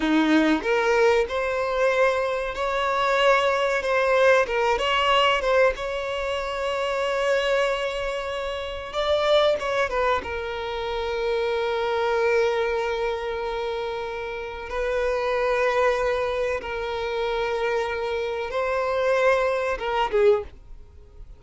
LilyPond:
\new Staff \with { instrumentName = "violin" } { \time 4/4 \tempo 4 = 94 dis'4 ais'4 c''2 | cis''2 c''4 ais'8 cis''8~ | cis''8 c''8 cis''2.~ | cis''2 d''4 cis''8 b'8 |
ais'1~ | ais'2. b'4~ | b'2 ais'2~ | ais'4 c''2 ais'8 gis'8 | }